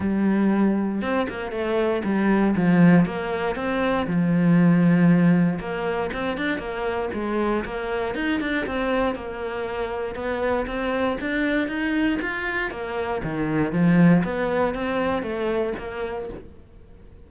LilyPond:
\new Staff \with { instrumentName = "cello" } { \time 4/4 \tempo 4 = 118 g2 c'8 ais8 a4 | g4 f4 ais4 c'4 | f2. ais4 | c'8 d'8 ais4 gis4 ais4 |
dis'8 d'8 c'4 ais2 | b4 c'4 d'4 dis'4 | f'4 ais4 dis4 f4 | b4 c'4 a4 ais4 | }